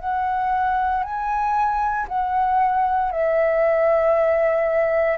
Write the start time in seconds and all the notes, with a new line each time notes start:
0.00 F#5
1.03 G#5
2.08 F#5
3.12 E5